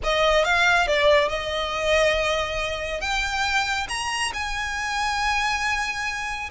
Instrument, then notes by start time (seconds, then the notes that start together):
violin
0.03 D#5
0.44 F5
0.87 D5
1.28 D#5
3.01 G5
3.88 A#5
4.33 G#5